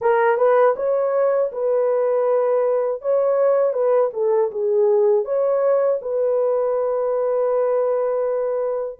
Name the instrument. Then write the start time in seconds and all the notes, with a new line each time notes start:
horn
0.01 A#4
0.37 B4
0.76 C#5
1.52 B4
3.01 C#5
3.73 B4
4.13 A4
4.51 G#4
5.24 C#5
6.01 B4